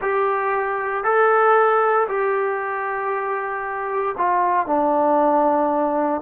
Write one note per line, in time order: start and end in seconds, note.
0.01 1.03 G4
1.03 2.07 A4
2.08 4.15 G4
4.17 4.66 F4
4.66 6.21 D4